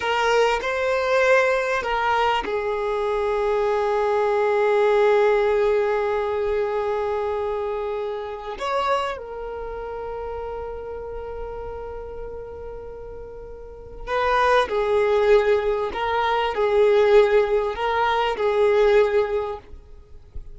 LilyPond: \new Staff \with { instrumentName = "violin" } { \time 4/4 \tempo 4 = 98 ais'4 c''2 ais'4 | gis'1~ | gis'1~ | gis'2 cis''4 ais'4~ |
ais'1~ | ais'2. b'4 | gis'2 ais'4 gis'4~ | gis'4 ais'4 gis'2 | }